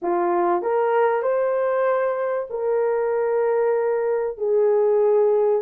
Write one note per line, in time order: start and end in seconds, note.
0.01 0.62 F4
0.62 1.22 A#4
1.22 2.47 C5
2.50 4.37 A#4
4.38 5.62 G#4